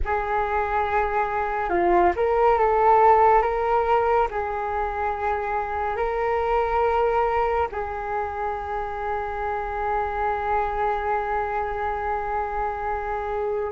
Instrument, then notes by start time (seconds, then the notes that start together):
flute
0.04 G#4
1.69 F4
2.15 A#4
2.58 A4
3.42 A#4
4.31 G#4
5.96 A#4
7.71 G#4